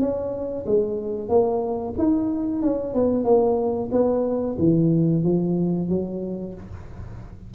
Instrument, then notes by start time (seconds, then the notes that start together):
tuba
0.00 C#4
0.66 G#3
1.29 A#3
1.98 D#4
2.62 C#4
2.94 B3
3.24 A#3
3.92 B3
4.59 E3
5.24 F3
5.89 F#3